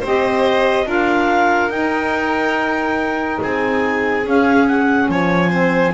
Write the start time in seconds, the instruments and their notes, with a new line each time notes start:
0.00 double bass C4, saxophone G4, violin C5
0.06 clarinet D#5
0.85 double bass D4, saxophone F4, violin A#4, clarinet F5
1.69 double bass D#4, saxophone D#4, clarinet G5
3.41 double bass C4, violin G#4, clarinet G#5
4.23 saxophone C#4, double bass C#4, clarinet F5
4.67 clarinet F#5
5.08 double bass F3, violin C#5, clarinet G#5
5.49 saxophone C4, violin C5